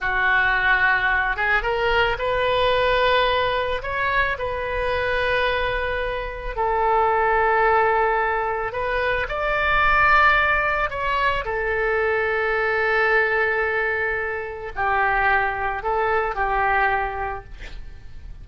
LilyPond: \new Staff \with { instrumentName = "oboe" } { \time 4/4 \tempo 4 = 110 fis'2~ fis'8 gis'8 ais'4 | b'2. cis''4 | b'1 | a'1 |
b'4 d''2. | cis''4 a'2.~ | a'2. g'4~ | g'4 a'4 g'2 | }